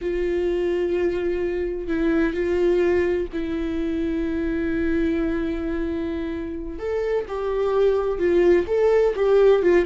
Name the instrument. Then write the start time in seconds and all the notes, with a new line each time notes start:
viola
0.01 F4
1.87 E4
2.33 F4
3.33 E4
6.78 A4
7.28 G4
8.18 F4
8.67 A4
9.15 G4
9.62 F4